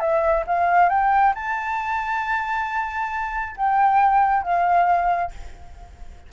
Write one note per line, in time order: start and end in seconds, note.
0.00 0.44 E5
0.47 0.90 F5
0.90 1.34 G5
1.35 3.56 A5
3.57 4.43 G5
4.43 5.31 F5